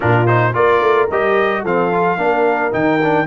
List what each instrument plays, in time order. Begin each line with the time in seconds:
0.00 tuba A#2, trombone D4, horn F4, trumpet A#4
0.26 trombone D#4, trumpet C5
0.53 tuba A#3, trombone F4, horn A#4, trumpet D5
0.80 tuba A3
1.10 tuba G3, trombone G4, trumpet D#5
1.62 tuba F3, trombone C4, horn A4, trumpet F5
1.92 trombone F4
2.17 tuba A#3, trombone D4, horn A#4
2.72 tuba D#3, trombone D#4, trumpet G5
3.02 trombone D4